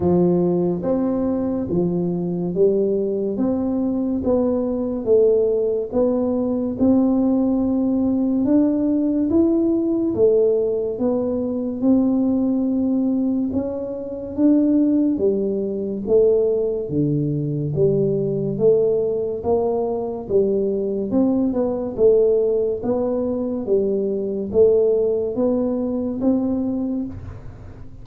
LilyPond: \new Staff \with { instrumentName = "tuba" } { \time 4/4 \tempo 4 = 71 f4 c'4 f4 g4 | c'4 b4 a4 b4 | c'2 d'4 e'4 | a4 b4 c'2 |
cis'4 d'4 g4 a4 | d4 g4 a4 ais4 | g4 c'8 b8 a4 b4 | g4 a4 b4 c'4 | }